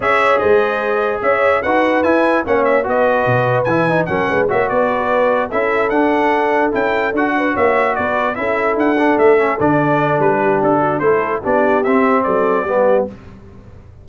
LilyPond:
<<
  \new Staff \with { instrumentName = "trumpet" } { \time 4/4 \tempo 4 = 147 e''4 dis''2 e''4 | fis''4 gis''4 fis''8 e''8 dis''4~ | dis''4 gis''4 fis''4 e''8 d''8~ | d''4. e''4 fis''4.~ |
fis''8 g''4 fis''4 e''4 d''8~ | d''8 e''4 fis''4 e''4 d''8~ | d''4 b'4 a'4 c''4 | d''4 e''4 d''2 | }
  \new Staff \with { instrumentName = "horn" } { \time 4/4 cis''4 c''2 cis''4 | b'2 cis''4 b'4~ | b'2 ais'8 b'8 cis''8 b'8~ | b'4. a'2~ a'8~ |
a'2 b'8 cis''4 b'8~ | b'8 a'2.~ a'8~ | a'4. g'4 fis'8 a'4 | g'2 a'4 g'4 | }
  \new Staff \with { instrumentName = "trombone" } { \time 4/4 gis'1 | fis'4 e'4 cis'4 fis'4~ | fis'4 e'8 dis'8 cis'4 fis'4~ | fis'4. e'4 d'4.~ |
d'8 e'4 fis'2~ fis'8~ | fis'8 e'4. d'4 cis'8 d'8~ | d'2. e'4 | d'4 c'2 b4 | }
  \new Staff \with { instrumentName = "tuba" } { \time 4/4 cis'4 gis2 cis'4 | dis'4 e'4 ais4 b4 | b,4 e4 fis8 gis8 ais8 b8~ | b4. cis'4 d'4.~ |
d'8 cis'4 d'4 ais4 b8~ | b8 cis'4 d'4 a4 d8~ | d4 g4 d'4 a4 | b4 c'4 fis4 g4 | }
>>